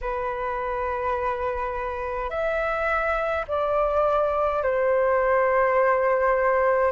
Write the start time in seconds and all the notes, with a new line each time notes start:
0.01 B4
2.30 E5
3.47 D5
4.62 C5